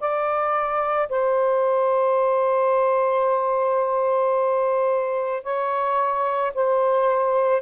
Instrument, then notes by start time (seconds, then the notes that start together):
saxophone
0.00 D5
1.10 C5
5.43 C#5
6.55 C5